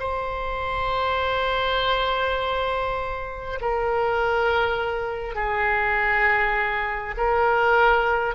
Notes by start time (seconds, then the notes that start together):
0.00 C5
3.61 A#4
5.36 G#4
7.17 A#4